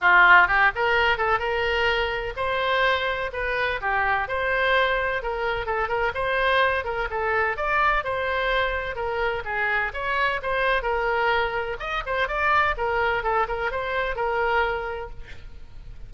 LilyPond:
\new Staff \with { instrumentName = "oboe" } { \time 4/4 \tempo 4 = 127 f'4 g'8 ais'4 a'8 ais'4~ | ais'4 c''2 b'4 | g'4 c''2 ais'4 | a'8 ais'8 c''4. ais'8 a'4 |
d''4 c''2 ais'4 | gis'4 cis''4 c''4 ais'4~ | ais'4 dis''8 c''8 d''4 ais'4 | a'8 ais'8 c''4 ais'2 | }